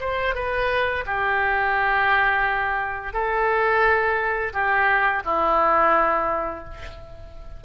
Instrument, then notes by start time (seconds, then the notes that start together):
oboe
0.00 C5
0.35 B4
1.06 G4
3.13 A4
4.53 G4
5.25 E4